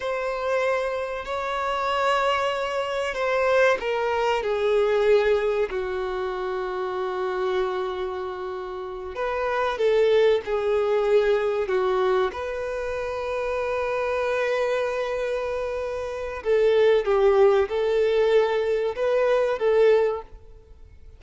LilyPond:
\new Staff \with { instrumentName = "violin" } { \time 4/4 \tempo 4 = 95 c''2 cis''2~ | cis''4 c''4 ais'4 gis'4~ | gis'4 fis'2.~ | fis'2~ fis'8 b'4 a'8~ |
a'8 gis'2 fis'4 b'8~ | b'1~ | b'2 a'4 g'4 | a'2 b'4 a'4 | }